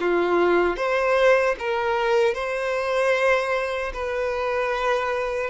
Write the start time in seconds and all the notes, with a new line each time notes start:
0.00 F4
0.76 C5
1.59 A#4
2.34 C5
3.93 B4